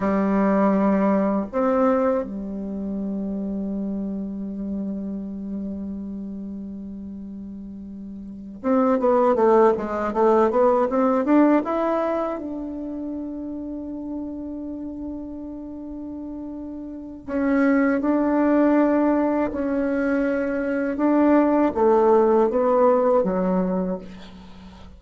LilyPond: \new Staff \with { instrumentName = "bassoon" } { \time 4/4 \tempo 4 = 80 g2 c'4 g4~ | g1~ | g2.~ g8 c'8 | b8 a8 gis8 a8 b8 c'8 d'8 e'8~ |
e'8 d'2.~ d'8~ | d'2. cis'4 | d'2 cis'2 | d'4 a4 b4 fis4 | }